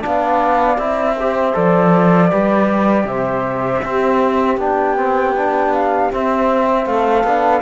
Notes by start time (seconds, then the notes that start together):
0.00 D4 D5 F5
0.06 B3
0.78 C4 E4 E5
1.19 G4 C5
1.54 F3 A4 D5
2.29 G3 G4 B4
3.04 C3 C5 E5
3.83 C4 G4
4.58 B3 D4 G5
4.97 C4
5.35 D4
5.74 F5
6.11 C4 E5
6.86 A3 A4 F5
7.24 B3 D4